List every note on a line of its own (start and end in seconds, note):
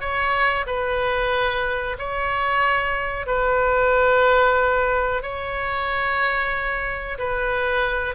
0.00 0.65 C#5
0.66 1.97 B4
1.98 3.26 C#5
3.26 5.22 B4
5.22 7.18 C#5
7.18 8.15 B4